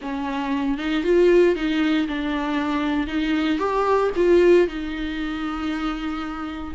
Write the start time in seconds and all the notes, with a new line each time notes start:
0.01 C#4
0.78 D#4
1.03 F4
1.55 D#4
2.08 D4
3.07 D#4
3.58 G4
4.15 F4
4.67 D#4